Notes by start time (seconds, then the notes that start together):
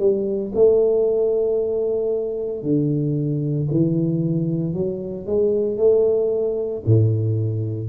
0.00 G3
0.55 A3
2.63 D3
3.72 E3
4.74 F#3
5.27 G#3
5.78 A3
6.86 A2